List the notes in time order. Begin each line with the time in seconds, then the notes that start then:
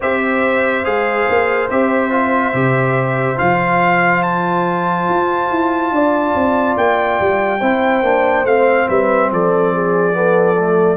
0.00 C4 G4 C5 E5
0.84 G#3 G#4 F5
1.29 A#3
1.70 C4 G4 E5
2.10 F4
2.53 C3 G4
3.36 F3 F4 F5
4.22 A5
5.08 F4
5.50 E4
5.91 D4 D5
6.34 C4
6.77 A#3 G5
7.20 G3
7.60 C4 E4 C5
8.02 A#3 D4
8.44 A3 C4 F5
8.87 G3 B4 E5
9.31 F3 A4 D5
9.74 G#4
10.12 B3 A4
10.58 A3